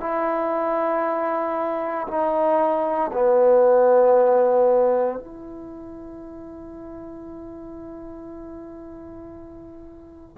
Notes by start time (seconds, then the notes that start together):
0.00 E4
2.07 D#4
3.13 B3
5.19 E4